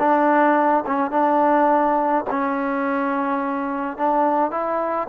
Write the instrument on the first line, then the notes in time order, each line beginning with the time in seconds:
trombone
0.00 D4
0.87 C#4
1.12 D4
2.31 C#4
3.98 D4
4.52 E4